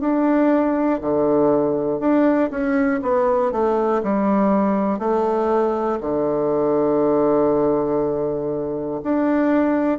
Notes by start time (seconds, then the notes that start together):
0.00 D4
1.01 D3
2.00 D4
2.51 C#4
3.02 B3
3.51 A3
4.03 G3
4.99 A3
6.00 D3
9.03 D4